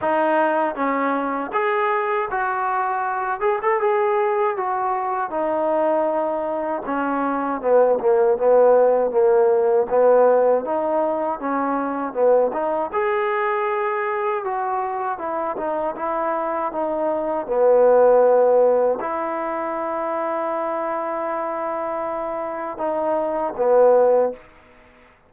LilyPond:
\new Staff \with { instrumentName = "trombone" } { \time 4/4 \tempo 4 = 79 dis'4 cis'4 gis'4 fis'4~ | fis'8 gis'16 a'16 gis'4 fis'4 dis'4~ | dis'4 cis'4 b8 ais8 b4 | ais4 b4 dis'4 cis'4 |
b8 dis'8 gis'2 fis'4 | e'8 dis'8 e'4 dis'4 b4~ | b4 e'2.~ | e'2 dis'4 b4 | }